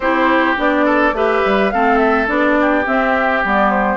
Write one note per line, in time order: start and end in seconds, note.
0.00 0.56 C4
0.00 0.56 E4
0.00 0.85 G4
0.00 0.57 C5
0.56 1.12 B3
0.56 1.13 D4
0.56 1.16 D5
0.85 1.14 A4
1.12 1.41 A3
1.12 1.72 G4
1.12 1.73 B4
1.12 1.70 E5
1.45 1.73 G3
1.70 2.28 A3
1.70 2.27 C4
1.70 2.59 A4
1.70 1.98 F5
1.98 2.27 E5
2.27 2.85 B3
2.27 2.84 D4
2.27 2.85 D5
2.60 3.96 G4
2.85 3.42 C4
2.85 3.44 C4
2.85 3.43 E5
3.44 3.96 G3
3.44 3.96 B3
3.44 3.69 D5
3.69 3.96 C5